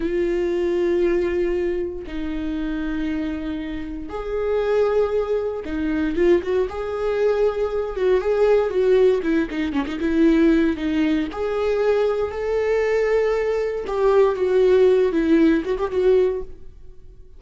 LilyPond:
\new Staff \with { instrumentName = "viola" } { \time 4/4 \tempo 4 = 117 f'1 | dis'1 | gis'2. dis'4 | f'8 fis'8 gis'2~ gis'8 fis'8 |
gis'4 fis'4 e'8 dis'8 cis'16 dis'16 e'8~ | e'4 dis'4 gis'2 | a'2. g'4 | fis'4. e'4 fis'16 g'16 fis'4 | }